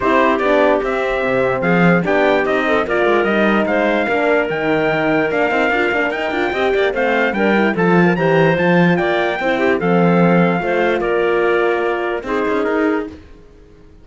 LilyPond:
<<
  \new Staff \with { instrumentName = "trumpet" } { \time 4/4 \tempo 4 = 147 c''4 d''4 e''2 | f''4 g''4 dis''4 d''4 | dis''4 f''2 g''4~ | g''4 f''2 g''4~ |
g''4 f''4 g''4 a''4 | ais''4 a''4 g''2 | f''2. d''4~ | d''2 c''4 ais'4 | }
  \new Staff \with { instrumentName = "clarinet" } { \time 4/4 g'1 | gis'4 g'4. a'8 ais'4~ | ais'4 c''4 ais'2~ | ais'1 |
dis''8 d''8 c''4 ais'4 a'8. ais'16 | c''2 d''4 c''8 g'8 | a'2 c''4 ais'4~ | ais'2 gis'2 | }
  \new Staff \with { instrumentName = "horn" } { \time 4/4 e'4 d'4 c'2~ | c'4 d'4 dis'4 f'4 | dis'2 d'4 dis'4~ | dis'4 d'8 dis'8 f'8 d'8 dis'8 f'8 |
g'4 c'4 d'8 e'8 f'4 | g'4 f'2 e'4 | c'2 f'2~ | f'2 dis'2 | }
  \new Staff \with { instrumentName = "cello" } { \time 4/4 c'4 b4 c'4 c4 | f4 b4 c'4 ais8 gis8 | g4 gis4 ais4 dis4~ | dis4 ais8 c'8 d'8 ais8 dis'8 d'8 |
c'8 ais8 a4 g4 f4 | e4 f4 ais4 c'4 | f2 a4 ais4~ | ais2 c'8 cis'8 dis'4 | }
>>